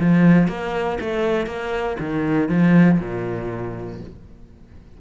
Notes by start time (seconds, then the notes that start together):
0.00 F3
0.48 A#3
1.01 A3
1.47 A#3
2.00 D#3
2.49 F3
3.00 A#2